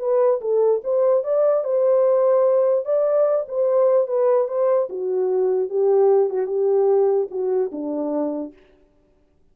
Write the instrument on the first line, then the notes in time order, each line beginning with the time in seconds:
horn
0.00 B4
0.42 A4
0.84 C5
1.24 D5
1.65 C5
2.85 D5
3.49 C5
4.08 B4
4.49 C5
4.90 F#4
5.70 G4
6.30 F#4
6.47 G4
7.31 F#4
7.72 D4